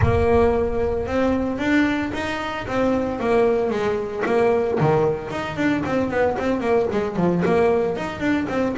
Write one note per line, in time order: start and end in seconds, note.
0.01 1.06 A#3
1.06 1.58 C4
1.58 2.11 D4
2.13 2.66 D#4
2.67 3.19 C4
3.19 3.70 A#3
3.70 4.23 G#3
4.25 4.78 A#3
4.79 5.30 D#3
5.30 5.56 D#4
5.56 5.83 D4
5.86 6.10 C4
6.10 6.36 B3
6.38 6.60 C4
6.60 6.86 A#3
6.91 7.16 G#3
7.16 7.42 F3
7.45 7.96 A#3
7.96 8.20 D#4
8.20 8.46 D4
8.48 8.75 C4